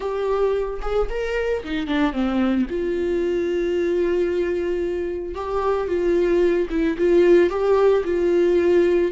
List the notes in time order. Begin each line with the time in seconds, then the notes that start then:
0.00 G4
0.81 G#4
1.09 A#4
1.63 D#4
1.86 D4
2.13 C4
2.69 F4
5.34 G4
5.87 F4
6.70 E4
6.98 F4
7.50 G4
8.04 F4